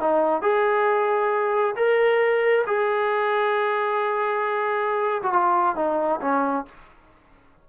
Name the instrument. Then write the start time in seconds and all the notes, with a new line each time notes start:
trombone
0.00 D#4
0.42 G#4
1.76 A#4
2.67 G#4
5.23 F#4
5.33 F4
5.76 D#4
6.21 C#4